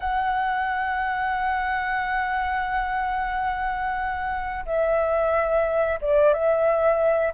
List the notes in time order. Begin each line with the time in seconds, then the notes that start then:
0.00 F#5
4.65 E5
6.01 D5
6.33 E5